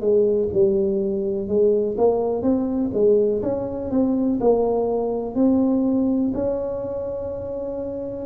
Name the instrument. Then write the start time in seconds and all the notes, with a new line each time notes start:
tuba
0.00 G#3
0.53 G3
1.48 G#3
1.98 A#3
2.42 C4
2.93 G#3
3.42 C#4
3.91 C4
4.40 A#3
5.35 C4
6.34 C#4